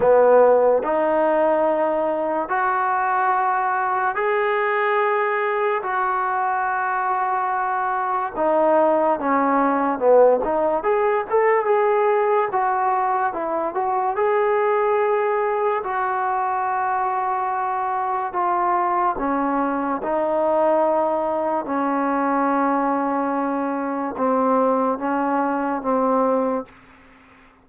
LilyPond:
\new Staff \with { instrumentName = "trombone" } { \time 4/4 \tempo 4 = 72 b4 dis'2 fis'4~ | fis'4 gis'2 fis'4~ | fis'2 dis'4 cis'4 | b8 dis'8 gis'8 a'8 gis'4 fis'4 |
e'8 fis'8 gis'2 fis'4~ | fis'2 f'4 cis'4 | dis'2 cis'2~ | cis'4 c'4 cis'4 c'4 | }